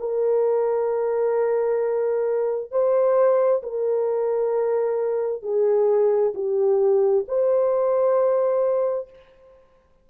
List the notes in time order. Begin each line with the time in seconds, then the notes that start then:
0.00 A#4
2.71 C5
3.63 A#4
5.43 G#4
6.35 G4
7.29 C5